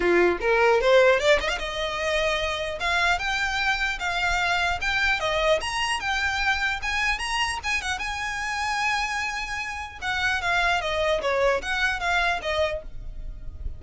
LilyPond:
\new Staff \with { instrumentName = "violin" } { \time 4/4 \tempo 4 = 150 f'4 ais'4 c''4 d''8 dis''16 f''16 | dis''2. f''4 | g''2 f''2 | g''4 dis''4 ais''4 g''4~ |
g''4 gis''4 ais''4 gis''8 fis''8 | gis''1~ | gis''4 fis''4 f''4 dis''4 | cis''4 fis''4 f''4 dis''4 | }